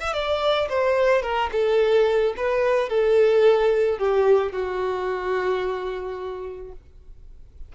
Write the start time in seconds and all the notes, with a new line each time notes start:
0.00 E5
0.13 D5
0.69 C5
1.22 A#4
1.52 A4
2.37 B4
2.89 A4
3.98 G4
4.52 F#4